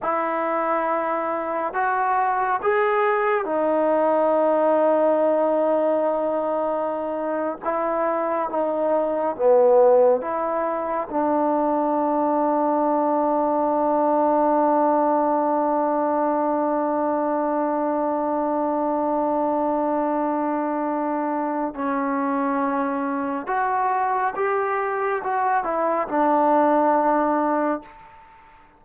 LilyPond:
\new Staff \with { instrumentName = "trombone" } { \time 4/4 \tempo 4 = 69 e'2 fis'4 gis'4 | dis'1~ | dis'8. e'4 dis'4 b4 e'16~ | e'8. d'2.~ d'16~ |
d'1~ | d'1~ | d'4 cis'2 fis'4 | g'4 fis'8 e'8 d'2 | }